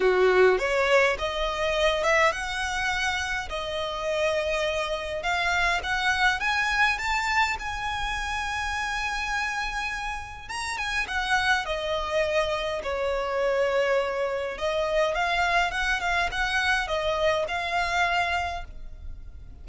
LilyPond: \new Staff \with { instrumentName = "violin" } { \time 4/4 \tempo 4 = 103 fis'4 cis''4 dis''4. e''8 | fis''2 dis''2~ | dis''4 f''4 fis''4 gis''4 | a''4 gis''2.~ |
gis''2 ais''8 gis''8 fis''4 | dis''2 cis''2~ | cis''4 dis''4 f''4 fis''8 f''8 | fis''4 dis''4 f''2 | }